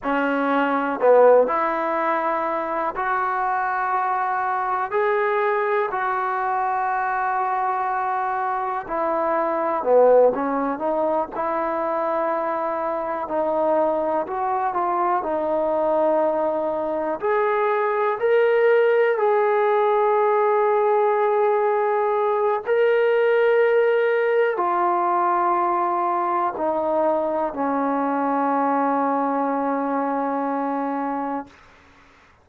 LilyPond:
\new Staff \with { instrumentName = "trombone" } { \time 4/4 \tempo 4 = 61 cis'4 b8 e'4. fis'4~ | fis'4 gis'4 fis'2~ | fis'4 e'4 b8 cis'8 dis'8 e'8~ | e'4. dis'4 fis'8 f'8 dis'8~ |
dis'4. gis'4 ais'4 gis'8~ | gis'2. ais'4~ | ais'4 f'2 dis'4 | cis'1 | }